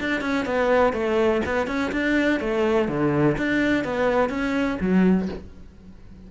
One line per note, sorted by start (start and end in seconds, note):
0.00 0.21 D4
0.21 0.45 C#4
0.45 0.93 B3
0.93 1.41 A3
1.46 1.67 B3
1.67 1.91 C#4
1.91 2.40 D4
2.40 2.88 A3
2.88 3.36 D3
3.37 3.84 D4
3.84 4.29 B3
4.29 4.77 C#4
4.80 5.28 F#3